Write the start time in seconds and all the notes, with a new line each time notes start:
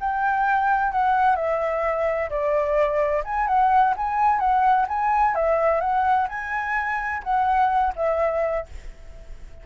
0.00 G5
0.92 F#5
1.36 E5
2.30 D5
3.24 G#5
3.47 F#5
3.97 G#5
4.39 F#5
4.88 G#5
5.35 E5
5.81 F#5
6.29 G#5
7.23 F#5
7.96 E5